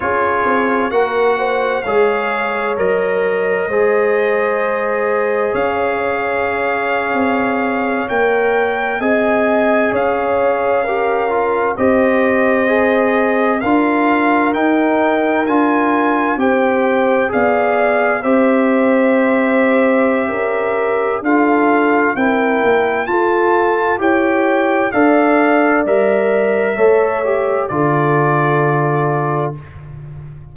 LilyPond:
<<
  \new Staff \with { instrumentName = "trumpet" } { \time 4/4 \tempo 4 = 65 cis''4 fis''4 f''4 dis''4~ | dis''2 f''2~ | f''8. g''4 gis''4 f''4~ f''16~ | f''8. dis''2 f''4 g''16~ |
g''8. gis''4 g''4 f''4 e''16~ | e''2. f''4 | g''4 a''4 g''4 f''4 | e''2 d''2 | }
  \new Staff \with { instrumentName = "horn" } { \time 4/4 gis'4 ais'8 c''8 cis''2 | c''2 cis''2~ | cis''4.~ cis''16 dis''4 cis''4 ais'16~ | ais'8. c''2 ais'4~ ais'16~ |
ais'4.~ ais'16 c''4 d''4 c''16~ | c''2 ais'4 a'4 | ais'4 a'4 cis''4 d''4~ | d''4 cis''4 a'2 | }
  \new Staff \with { instrumentName = "trombone" } { \time 4/4 f'4 fis'4 gis'4 ais'4 | gis'1~ | gis'8. ais'4 gis'2 g'16~ | g'16 f'8 g'4 gis'4 f'4 dis'16~ |
dis'8. f'4 g'4 gis'4 g'16~ | g'2. f'4 | e'4 f'4 g'4 a'4 | ais'4 a'8 g'8 f'2 | }
  \new Staff \with { instrumentName = "tuba" } { \time 4/4 cis'8 c'8 ais4 gis4 fis4 | gis2 cis'4.~ cis'16 c'16~ | c'8. ais4 c'4 cis'4~ cis'16~ | cis'8. c'2 d'4 dis'16~ |
dis'8. d'4 c'4 b4 c'16~ | c'2 cis'4 d'4 | c'8 ais8 f'4 e'4 d'4 | g4 a4 d2 | }
>>